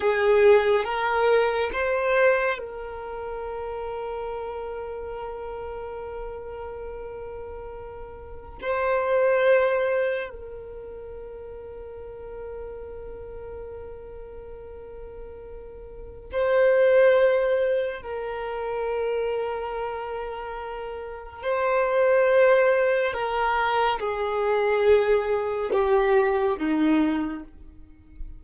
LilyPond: \new Staff \with { instrumentName = "violin" } { \time 4/4 \tempo 4 = 70 gis'4 ais'4 c''4 ais'4~ | ais'1~ | ais'2 c''2 | ais'1~ |
ais'2. c''4~ | c''4 ais'2.~ | ais'4 c''2 ais'4 | gis'2 g'4 dis'4 | }